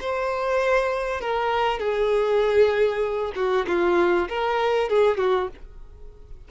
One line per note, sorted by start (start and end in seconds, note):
0.00 1.21 C5
1.21 1.79 A#4
1.79 3.32 G#4
3.35 3.66 F#4
3.67 4.28 F4
4.28 4.89 A#4
4.89 5.17 G#4
5.17 5.48 F#4